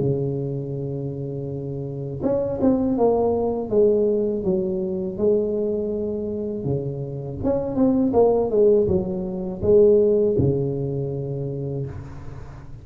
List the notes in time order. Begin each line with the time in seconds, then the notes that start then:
0.00 C#3
2.23 C#4
2.62 C4
2.98 A#3
3.70 G#3
4.44 F#3
5.18 G#3
6.65 C#3
7.44 C#4
7.76 C4
8.13 A#3
8.51 G#3
8.88 F#3
9.63 G#3
10.38 C#3